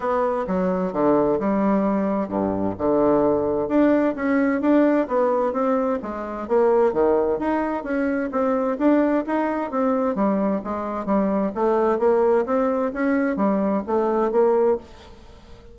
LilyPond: \new Staff \with { instrumentName = "bassoon" } { \time 4/4 \tempo 4 = 130 b4 fis4 d4 g4~ | g4 g,4 d2 | d'4 cis'4 d'4 b4 | c'4 gis4 ais4 dis4 |
dis'4 cis'4 c'4 d'4 | dis'4 c'4 g4 gis4 | g4 a4 ais4 c'4 | cis'4 g4 a4 ais4 | }